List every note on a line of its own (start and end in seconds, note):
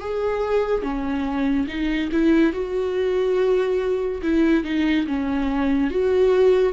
0.00 0.82 G#4
0.82 1.67 C#4
1.68 2.10 D#4
2.12 2.53 E4
2.53 4.22 F#4
4.23 4.64 E4
4.64 5.06 D#4
5.07 5.90 C#4
5.90 6.73 F#4